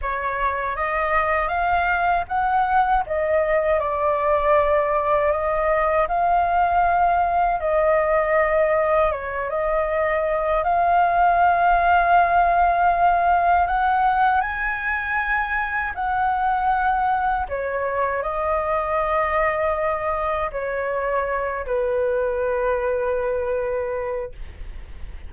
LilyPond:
\new Staff \with { instrumentName = "flute" } { \time 4/4 \tempo 4 = 79 cis''4 dis''4 f''4 fis''4 | dis''4 d''2 dis''4 | f''2 dis''2 | cis''8 dis''4. f''2~ |
f''2 fis''4 gis''4~ | gis''4 fis''2 cis''4 | dis''2. cis''4~ | cis''8 b'2.~ b'8 | }